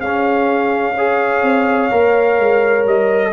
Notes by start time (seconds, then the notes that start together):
0.00 C#4 G#4 F5
0.94 G#4 C#5
1.42 C4
1.91 A#3 A#4
2.39 G#3
2.86 G3 D#5